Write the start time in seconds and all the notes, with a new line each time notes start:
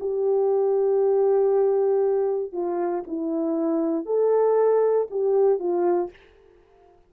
0.00 G4
2.52 F4
3.07 E4
4.06 A4
5.10 G4
5.59 F4